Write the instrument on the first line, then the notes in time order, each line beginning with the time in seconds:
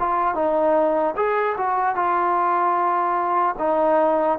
trombone
0.00 F4
0.35 D#4
1.17 G#4
1.58 F#4
1.96 F4
3.59 D#4